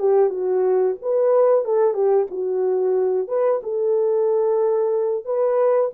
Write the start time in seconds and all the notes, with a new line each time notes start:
0.00 G4
0.30 F#4
1.02 B4
1.65 A4
1.94 G4
2.31 F#4
3.28 B4
3.64 A4
5.25 B4